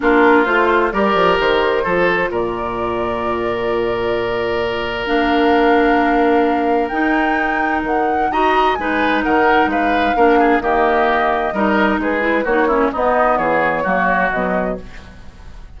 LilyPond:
<<
  \new Staff \with { instrumentName = "flute" } { \time 4/4 \tempo 4 = 130 ais'4 c''4 d''4 c''4~ | c''4 d''2.~ | d''2. f''4~ | f''2. g''4~ |
g''4 fis''4 ais''4 gis''4 | fis''4 f''2 dis''4~ | dis''2 b'4 cis''4 | dis''4 cis''2 dis''4 | }
  \new Staff \with { instrumentName = "oboe" } { \time 4/4 f'2 ais'2 | a'4 ais'2.~ | ais'1~ | ais'1~ |
ais'2 dis''4 b'4 | ais'4 b'4 ais'8 gis'8 g'4~ | g'4 ais'4 gis'4 fis'8 e'8 | dis'4 gis'4 fis'2 | }
  \new Staff \with { instrumentName = "clarinet" } { \time 4/4 d'4 f'4 g'2 | f'1~ | f'2. d'4~ | d'2. dis'4~ |
dis'2 fis'4 dis'4~ | dis'2 d'4 ais4~ | ais4 dis'4. e'8 dis'8 cis'8 | b2 ais4 fis4 | }
  \new Staff \with { instrumentName = "bassoon" } { \time 4/4 ais4 a4 g8 f8 dis4 | f4 ais,2.~ | ais,2. ais4~ | ais2. dis'4~ |
dis'4 dis4 dis'4 gis4 | dis4 gis4 ais4 dis4~ | dis4 g4 gis4 ais4 | b4 e4 fis4 b,4 | }
>>